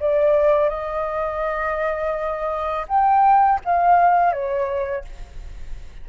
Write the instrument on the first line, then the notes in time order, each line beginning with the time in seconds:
flute
0.00 D5
0.69 D#5
2.88 G5
3.65 F5
4.33 C#5